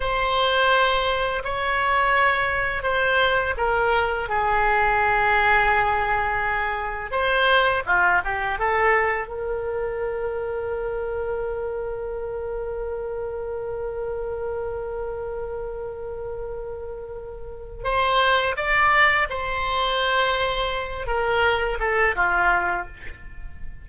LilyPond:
\new Staff \with { instrumentName = "oboe" } { \time 4/4 \tempo 4 = 84 c''2 cis''2 | c''4 ais'4 gis'2~ | gis'2 c''4 f'8 g'8 | a'4 ais'2.~ |
ais'1~ | ais'1~ | ais'4 c''4 d''4 c''4~ | c''4. ais'4 a'8 f'4 | }